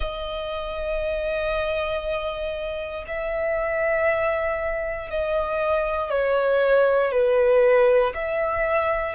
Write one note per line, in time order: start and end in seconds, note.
0.00 3.04 D#5
3.07 5.10 E5
5.10 6.10 D#5
6.10 7.11 C#5
7.11 8.13 B4
8.14 9.15 E5